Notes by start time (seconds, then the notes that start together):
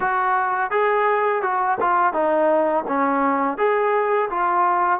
0.00 F#4
0.70 G#4
1.42 F#4
1.80 F4
2.13 D#4
2.87 C#4
3.57 G#4
4.30 F4